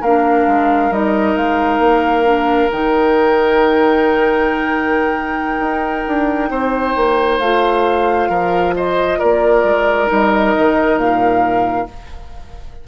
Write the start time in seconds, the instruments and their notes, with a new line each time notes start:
0.00 bassoon A#3, clarinet D4, oboe A#4, flute F5
0.47 bassoon G#3
0.90 bassoon G3, clarinet D#4, flute D#5
1.36 bassoon G#3, flute F5
1.79 bassoon A#3
2.24 clarinet D4
2.71 bassoon D#3, clarinet D#4, flute G5
5.60 bassoon D#4
6.07 bassoon D4
6.50 bassoon C4, oboe C5
6.96 bassoon A#3
7.39 bassoon A3, clarinet F4, flute F5
8.29 bassoon F3, oboe A#4
8.75 oboe C5, flute D#5
9.18 bassoon A#3, oboe A#4, flute D5
9.64 bassoon G#3
10.06 bassoon G3, clarinet D#4
10.12 flute D#5
10.57 bassoon D#3
10.97 bassoon A#2, flute F5